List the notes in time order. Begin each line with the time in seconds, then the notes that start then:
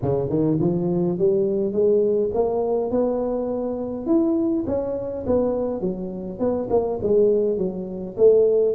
0.02 C#3
0.29 D#3
0.60 F3
1.18 G3
1.72 G#3
2.34 A#3
2.90 B3
4.06 E4
4.67 C#4
5.26 B3
5.80 F#3
6.39 B3
6.70 A#3
7.02 G#3
7.57 F#3
8.17 A3